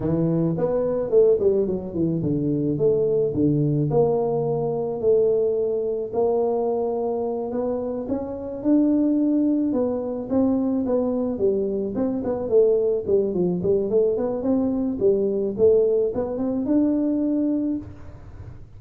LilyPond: \new Staff \with { instrumentName = "tuba" } { \time 4/4 \tempo 4 = 108 e4 b4 a8 g8 fis8 e8 | d4 a4 d4 ais4~ | ais4 a2 ais4~ | ais4. b4 cis'4 d'8~ |
d'4. b4 c'4 b8~ | b8 g4 c'8 b8 a4 g8 | f8 g8 a8 b8 c'4 g4 | a4 b8 c'8 d'2 | }